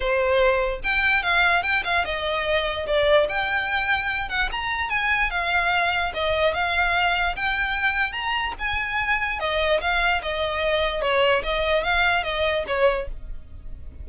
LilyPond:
\new Staff \with { instrumentName = "violin" } { \time 4/4 \tempo 4 = 147 c''2 g''4 f''4 | g''8 f''8 dis''2 d''4 | g''2~ g''8 fis''8 ais''4 | gis''4 f''2 dis''4 |
f''2 g''2 | ais''4 gis''2 dis''4 | f''4 dis''2 cis''4 | dis''4 f''4 dis''4 cis''4 | }